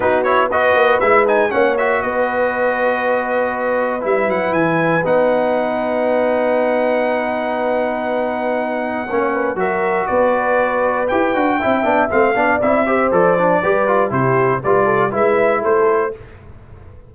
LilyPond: <<
  \new Staff \with { instrumentName = "trumpet" } { \time 4/4 \tempo 4 = 119 b'8 cis''8 dis''4 e''8 gis''8 fis''8 e''8 | dis''1 | e''8 fis''8 gis''4 fis''2~ | fis''1~ |
fis''2. e''4 | d''2 g''2 | f''4 e''4 d''2 | c''4 d''4 e''4 c''4 | }
  \new Staff \with { instrumentName = "horn" } { \time 4/4 fis'4 b'2 cis''4 | b'1~ | b'1~ | b'1~ |
b'2 cis''8 b'8 ais'4 | b'2. e''4~ | e''8 d''4 c''4. b'4 | g'4 b'8 a'8 b'4 a'4 | }
  \new Staff \with { instrumentName = "trombone" } { \time 4/4 dis'8 e'8 fis'4 e'8 dis'8 cis'8 fis'8~ | fis'1 | e'2 dis'2~ | dis'1~ |
dis'2 cis'4 fis'4~ | fis'2 g'8 fis'8 e'8 d'8 | c'8 d'8 e'8 g'8 a'8 d'8 g'8 f'8 | e'4 f'4 e'2 | }
  \new Staff \with { instrumentName = "tuba" } { \time 4/4 b4. ais8 gis4 ais4 | b1 | g8 fis8 e4 b2~ | b1~ |
b2 ais4 fis4 | b2 e'8 d'8 c'8 b8 | a8 b8 c'4 f4 g4 | c4 g4 gis4 a4 | }
>>